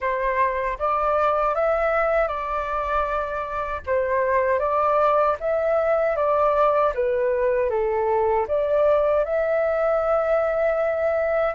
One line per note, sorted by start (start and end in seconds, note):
0.00 0.77 C5
0.79 1.55 D5
1.55 2.27 E5
2.27 3.81 D5
3.86 4.59 C5
4.59 5.36 D5
5.40 6.16 E5
6.16 6.93 D5
6.94 7.70 B4
7.70 8.47 A4
8.47 9.24 D5
9.24 11.54 E5